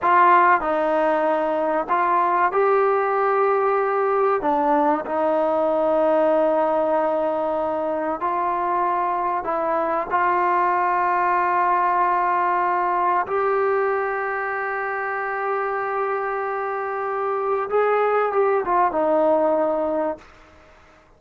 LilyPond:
\new Staff \with { instrumentName = "trombone" } { \time 4/4 \tempo 4 = 95 f'4 dis'2 f'4 | g'2. d'4 | dis'1~ | dis'4 f'2 e'4 |
f'1~ | f'4 g'2.~ | g'1 | gis'4 g'8 f'8 dis'2 | }